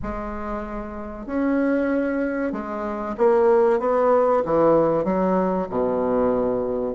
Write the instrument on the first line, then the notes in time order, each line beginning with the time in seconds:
bassoon
0.02 G#3
1.26 C#4
2.52 G#3
3.18 A#3
3.79 B3
4.45 E3
5.04 F#3
5.69 B2